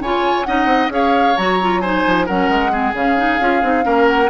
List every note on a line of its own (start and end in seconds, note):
0.00 0.45 C#3
0.00 0.46 F4
0.00 0.47 C#5
0.00 0.44 G#5
0.44 0.65 C#4
0.44 0.90 D#4
0.44 0.93 D#5
0.44 0.89 F#5
0.65 0.88 C4
0.89 1.34 C#4
0.89 1.35 G#4
0.89 1.81 C#5
0.89 1.37 F5
1.37 2.05 F#3
1.37 1.60 F#4
1.37 1.81 A#5
1.61 1.83 F4
1.81 2.28 D#4
1.81 2.26 C5
1.81 2.26 G#5
2.06 2.28 F3
2.26 2.49 F#3
2.26 2.70 C#4
2.26 2.71 A#4
2.26 2.94 F#5
2.49 2.93 G#3
2.70 2.93 C4
2.70 3.85 G#4
2.93 3.38 C#3
2.93 3.17 C#4
2.93 4.08 F5
3.17 3.39 D#4
3.40 3.62 C#4
3.40 3.62 F4
3.62 3.85 C4
3.62 3.83 D#4
3.83 4.29 A#3
3.83 4.28 C#4
3.83 4.29 A#4
4.08 4.29 F#5